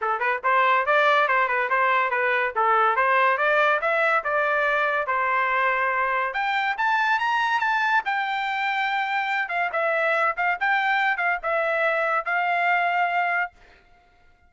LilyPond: \new Staff \with { instrumentName = "trumpet" } { \time 4/4 \tempo 4 = 142 a'8 b'8 c''4 d''4 c''8 b'8 | c''4 b'4 a'4 c''4 | d''4 e''4 d''2 | c''2. g''4 |
a''4 ais''4 a''4 g''4~ | g''2~ g''8 f''8 e''4~ | e''8 f''8 g''4. f''8 e''4~ | e''4 f''2. | }